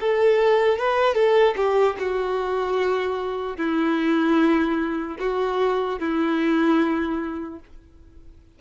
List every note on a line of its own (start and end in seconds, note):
0.00 0.78 A4
0.78 1.14 B4
1.14 1.54 A4
1.56 1.96 G4
1.99 3.57 F#4
3.57 5.17 E4
5.19 5.99 F#4
5.99 7.59 E4